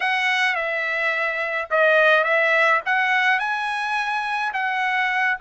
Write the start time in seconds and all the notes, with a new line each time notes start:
0.00 F#5
0.55 E5
1.70 D#5
2.24 E5
2.85 F#5
3.39 G#5
4.53 F#5